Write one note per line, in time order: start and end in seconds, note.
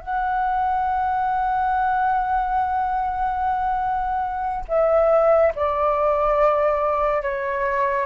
0.00 4.65 F#5
4.68 5.52 E5
5.55 7.22 D5
7.22 8.06 C#5